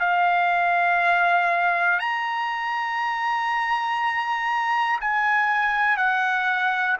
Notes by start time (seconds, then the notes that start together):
0.00 F5
2.00 A#5
5.01 G#5
5.97 F#5